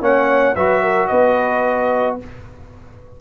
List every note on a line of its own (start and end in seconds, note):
0.00 0.55 A#3
0.00 0.55 C#4
0.00 0.55 C#5
0.00 0.55 F#5
0.55 1.09 F#3
0.55 2.20 F#4
0.55 0.82 B4
0.55 1.07 E5
0.82 1.08 A#4
1.07 2.20 B3
1.07 2.17 B4
1.07 2.16 D#5